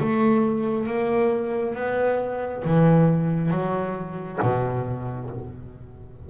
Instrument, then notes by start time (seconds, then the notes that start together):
double bass
0.00 A3
0.87 A#3
1.75 B3
2.65 E3
3.51 F#3
4.42 B2